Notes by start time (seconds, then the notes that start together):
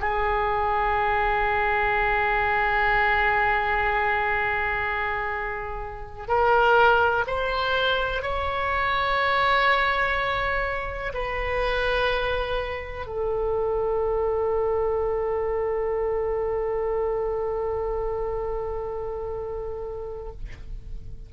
0.00 G#4
6.27 A#4
7.27 C5
8.22 C#5
11.13 B4
13.06 A4